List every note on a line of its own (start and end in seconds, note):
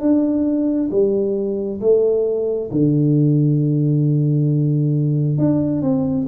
0.00 0.90 D4
0.90 1.80 G3
1.80 2.70 A3
2.71 5.38 D3
5.38 5.81 D4
5.81 6.26 C4